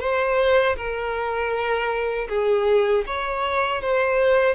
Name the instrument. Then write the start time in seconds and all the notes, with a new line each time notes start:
violin
0.00 C5
0.76 A#4
2.29 G#4
3.07 C#5
3.82 C5